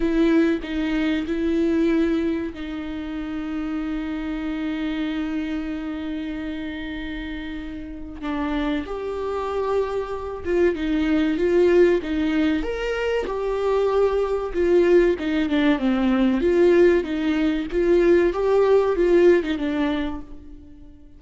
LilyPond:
\new Staff \with { instrumentName = "viola" } { \time 4/4 \tempo 4 = 95 e'4 dis'4 e'2 | dis'1~ | dis'1~ | dis'4 d'4 g'2~ |
g'8 f'8 dis'4 f'4 dis'4 | ais'4 g'2 f'4 | dis'8 d'8 c'4 f'4 dis'4 | f'4 g'4 f'8. dis'16 d'4 | }